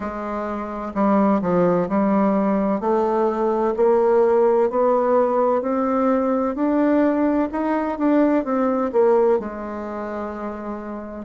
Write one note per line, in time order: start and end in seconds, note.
0.00 0.92 G#3
0.94 1.41 G3
1.41 1.88 F3
1.88 2.80 G3
2.80 3.74 A3
3.76 4.70 A#3
4.70 5.61 B3
5.61 6.55 C4
6.55 7.48 D4
7.51 7.98 D#4
7.98 8.44 D4
8.44 8.91 C4
8.92 9.39 A#3
9.39 11.25 G#3